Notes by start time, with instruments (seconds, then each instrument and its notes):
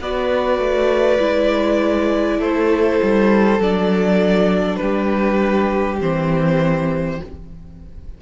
0.00 cello B3, viola F#4, violin B4 D5
0.58 cello A3
1.20 cello G#3, viola E4
2.38 cello A3, violin A4 C5
3.03 cello G3
3.59 cello F#3, viola D4, violin D5
4.76 cello G3, violin G4 B4
5.99 cello E3, viola C4, violin C5